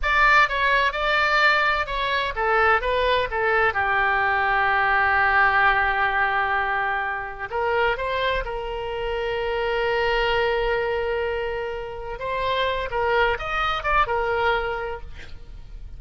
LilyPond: \new Staff \with { instrumentName = "oboe" } { \time 4/4 \tempo 4 = 128 d''4 cis''4 d''2 | cis''4 a'4 b'4 a'4 | g'1~ | g'1 |
ais'4 c''4 ais'2~ | ais'1~ | ais'2 c''4. ais'8~ | ais'8 dis''4 d''8 ais'2 | }